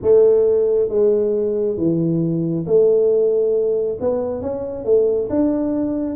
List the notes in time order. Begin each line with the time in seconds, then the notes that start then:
0.02 A3
0.88 G#3
1.77 E3
2.66 A3
4.00 B3
4.41 C#4
4.84 A3
5.29 D4